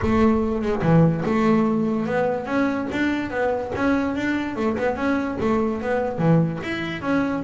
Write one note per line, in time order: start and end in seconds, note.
0.02 0.61 A3
0.61 0.82 G#3
0.82 1.23 E3
1.25 2.05 A3
2.05 2.46 B3
2.46 2.87 C#4
2.91 3.30 D4
3.30 3.71 B3
3.75 4.15 C#4
4.15 4.56 D4
4.56 4.76 A3
4.77 4.96 B3
4.96 5.37 C#4
5.40 5.81 A3
5.81 6.18 B3
6.18 6.59 E3
6.62 7.01 E4
7.01 7.43 C#4